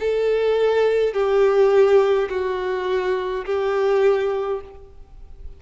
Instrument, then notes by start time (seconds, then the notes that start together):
violin
0.00 A4
1.14 G4
2.30 F#4
3.46 G4